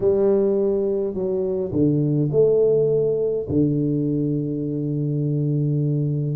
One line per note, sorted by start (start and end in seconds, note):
0.00 1.13 G3
1.13 1.71 F#3
1.72 2.29 D3
2.31 3.46 A3
3.49 6.36 D3